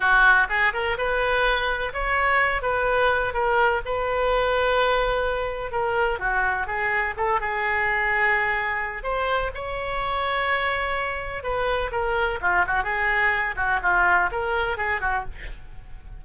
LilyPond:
\new Staff \with { instrumentName = "oboe" } { \time 4/4 \tempo 4 = 126 fis'4 gis'8 ais'8 b'2 | cis''4. b'4. ais'4 | b'1 | ais'4 fis'4 gis'4 a'8 gis'8~ |
gis'2. c''4 | cis''1 | b'4 ais'4 f'8 fis'8 gis'4~ | gis'8 fis'8 f'4 ais'4 gis'8 fis'8 | }